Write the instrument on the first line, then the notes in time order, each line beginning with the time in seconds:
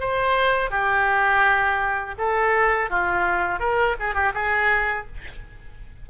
oboe
0.00 C5
0.70 G4
2.18 A4
2.90 F4
3.59 A#4
4.00 G#4
4.14 G4
4.34 G#4